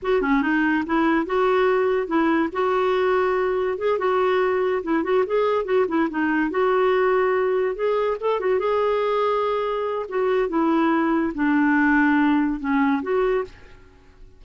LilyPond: \new Staff \with { instrumentName = "clarinet" } { \time 4/4 \tempo 4 = 143 fis'8 cis'8 dis'4 e'4 fis'4~ | fis'4 e'4 fis'2~ | fis'4 gis'8 fis'2 e'8 | fis'8 gis'4 fis'8 e'8 dis'4 fis'8~ |
fis'2~ fis'8 gis'4 a'8 | fis'8 gis'2.~ gis'8 | fis'4 e'2 d'4~ | d'2 cis'4 fis'4 | }